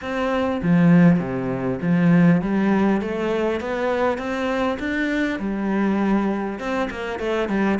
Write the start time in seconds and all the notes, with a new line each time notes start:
0.01 C4
0.62 F3
1.19 C3
1.81 F3
2.41 G3
3.01 A3
3.60 B3
4.18 C4
4.79 D4
5.39 G3
6.59 C4
6.90 A#3
7.19 A3
7.48 G3